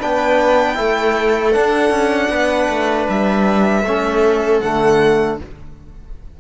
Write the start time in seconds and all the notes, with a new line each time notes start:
0.00 B3 D4 B4 G5
0.75 A3 E4 A4
1.52 D4 F#5
1.90 C#4
2.29 B3 B4
2.69 A3
3.09 G3 E5
3.84 A3 C#4 A4
4.60 D3 A3 F#5